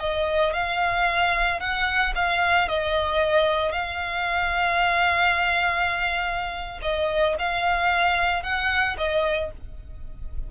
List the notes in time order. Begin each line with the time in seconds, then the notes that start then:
0.00 D#5
0.54 F5
1.60 F#5
2.16 F5
2.69 D#5
3.73 F5
6.83 D#5
7.39 F5
8.43 F#5
8.98 D#5